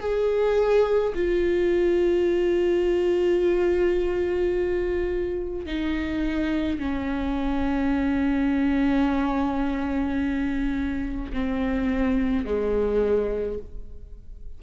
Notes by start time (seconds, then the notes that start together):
0.00 G#4
1.15 F4
5.66 D#4
6.79 C#4
11.33 C4
12.45 G#3